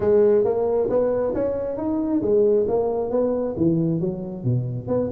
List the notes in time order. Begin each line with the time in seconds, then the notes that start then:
0.00 G#3
0.44 A#3
0.89 B3
1.34 C#4
1.77 D#4
2.21 G#3
2.67 A#3
3.10 B3
3.57 E3
4.00 F#3
4.44 B2
4.87 B3